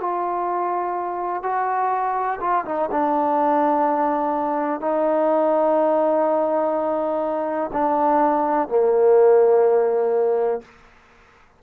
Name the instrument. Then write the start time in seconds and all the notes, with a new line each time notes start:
trombone
0.00 F4
1.43 F#4
2.41 F4
2.65 D#4
2.91 D4
4.80 D#4
7.73 D4
8.68 A#3